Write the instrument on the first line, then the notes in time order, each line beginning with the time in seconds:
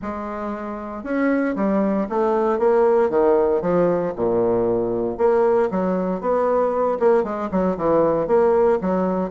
bassoon
0.02 G#3
1.03 C#4
1.55 G3
2.09 A3
2.58 A#3
3.09 D#3
3.61 F3
4.16 A#2
5.17 A#3
5.70 F#3
6.21 B3
6.99 A#3
7.23 G#3
7.51 F#3
7.77 E3
8.27 A#3
8.81 F#3